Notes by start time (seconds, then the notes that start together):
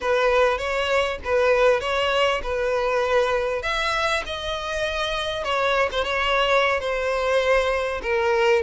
0.00 B4
0.58 C#5
1.24 B4
1.80 C#5
2.42 B4
3.62 E5
4.26 D#5
5.44 C#5
5.91 C5
6.04 C#5
6.79 C5
8.02 A#4